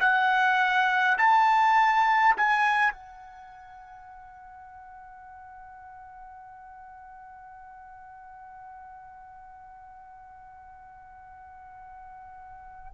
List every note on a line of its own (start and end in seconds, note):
0.00 1.18 F#5
1.18 2.35 A5
2.37 2.92 G#5
2.92 12.92 F#5